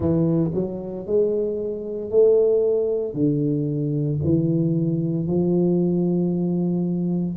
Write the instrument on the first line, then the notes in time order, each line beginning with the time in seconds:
tuba
0.00 E3
0.54 F#3
1.06 G#3
2.10 A3
3.13 D3
4.23 E3
5.27 F3